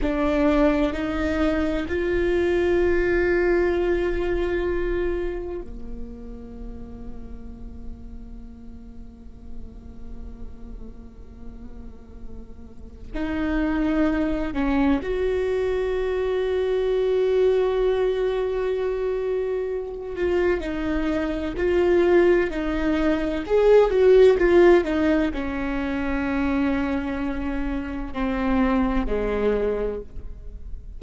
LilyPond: \new Staff \with { instrumentName = "viola" } { \time 4/4 \tempo 4 = 64 d'4 dis'4 f'2~ | f'2 ais2~ | ais1~ | ais2 dis'4. cis'8 |
fis'1~ | fis'4. f'8 dis'4 f'4 | dis'4 gis'8 fis'8 f'8 dis'8 cis'4~ | cis'2 c'4 gis4 | }